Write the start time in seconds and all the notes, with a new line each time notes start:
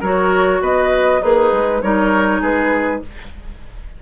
0.00 F#3 F#4 A#4 C#5
0.61 B3 B4 D#5
1.21 A#3 D#4 G#4 B4
1.52 G#3
1.82 G3 D#4 A#4 C#5
2.41 G#3 G#4 B4